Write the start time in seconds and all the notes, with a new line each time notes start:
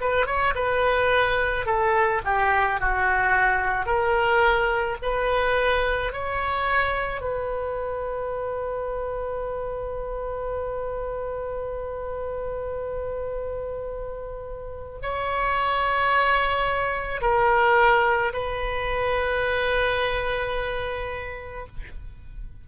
0.00 B4
0.26 C#5
0.55 B4
1.66 A4
2.24 G4
2.80 F#4
3.86 A#4
5.02 B4
6.12 C#5
7.21 B4
15.02 C#5
17.21 A#4
18.33 B4